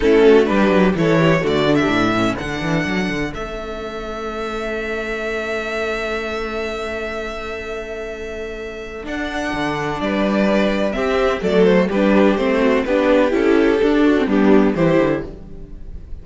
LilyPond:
<<
  \new Staff \with { instrumentName = "violin" } { \time 4/4 \tempo 4 = 126 a'4 b'4 cis''4 d''8. e''16~ | e''4 fis''2 e''4~ | e''1~ | e''1~ |
e''2. fis''4~ | fis''4 d''2 e''4 | d''8 c''8 b'4 c''4 b'4 | a'2 g'4 c''4 | }
  \new Staff \with { instrumentName = "violin" } { \time 4/4 e'8 fis'8 g'4 a'8 g'8 fis'8. g'16 | a'1~ | a'1~ | a'1~ |
a'1~ | a'4 b'2 g'4 | a'4 g'4. fis'8 g'4~ | g'4. fis'8 d'4 g'4 | }
  \new Staff \with { instrumentName = "viola" } { \time 4/4 cis'4 d'4 e'4 a8 d'8~ | d'8 cis'8 d'2 cis'4~ | cis'1~ | cis'1~ |
cis'2. d'4~ | d'2. c'4 | a4 d'4 c'4 d'4 | e'4 d'8. c'16 b4 e'4 | }
  \new Staff \with { instrumentName = "cello" } { \time 4/4 a4 g8 fis8 e4 d4 | a,4 d8 e8 fis8 d8 a4~ | a1~ | a1~ |
a2. d'4 | d4 g2 c'4 | fis4 g4 a4 b4 | cis'4 d'4 g4 e8 d8 | }
>>